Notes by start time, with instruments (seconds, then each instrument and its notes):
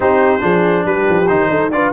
0.00 tuba C4, trombone D#4, horn G4, trumpet C5
0.39 tuba F3, trombone D4, horn G#4
0.85 tuba G3, horn G4, trumpet B4
1.09 tuba F3
1.27 tuba D#3, trombone D#4, trumpet C5
1.49 tuba D#4, horn A4
1.70 tuba D4, trombone F4, horn B4, trumpet D5